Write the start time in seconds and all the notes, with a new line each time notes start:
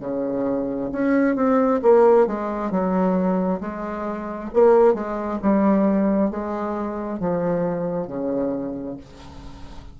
0.00 C#3
0.92 C#4
1.36 C4
1.82 A#3
2.27 G#3
2.71 F#3
3.60 G#3
4.53 A#3
4.94 G#3
5.42 G3
6.30 G#3
7.19 F3
8.07 C#3